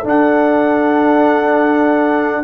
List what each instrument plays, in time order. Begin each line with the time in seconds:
0.00 trombone D4, tuba D4, horn A4
0.09 trumpet F#5